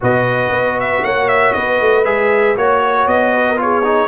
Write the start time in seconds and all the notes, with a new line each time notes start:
0.00 B2 F#4 B4 D#5
0.51 B3
0.79 E5
1.03 A#3 C#5 F#5
1.28 E5
1.53 B3 B4 D#5
1.81 A3
2.04 G#3 G#4 E5
2.56 A#3 F#4 C#5
3.06 B3 D#5
3.33 B4
3.48 A#4
3.56 F4 C#5
3.63 G#4
3.83 D#4